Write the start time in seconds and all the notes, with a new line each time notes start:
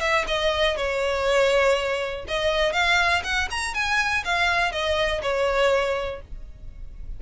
0.00 E5
0.27 D#5
0.76 C#5
2.28 D#5
2.72 F5
3.24 F#5
3.50 A#5
3.74 G#5
4.24 F5
4.72 D#5
5.22 C#5